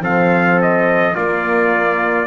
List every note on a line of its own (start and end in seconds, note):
0.00 1.13 F3
0.00 1.14 C4
0.00 1.14 A4
0.00 0.60 F5
0.61 1.15 D#5
1.14 2.27 A#3
1.14 2.27 F4
1.14 2.27 D5